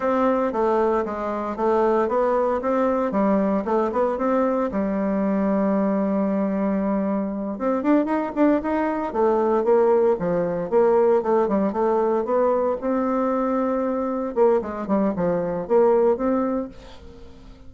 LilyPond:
\new Staff \with { instrumentName = "bassoon" } { \time 4/4 \tempo 4 = 115 c'4 a4 gis4 a4 | b4 c'4 g4 a8 b8 | c'4 g2.~ | g2~ g8 c'8 d'8 dis'8 |
d'8 dis'4 a4 ais4 f8~ | f8 ais4 a8 g8 a4 b8~ | b8 c'2. ais8 | gis8 g8 f4 ais4 c'4 | }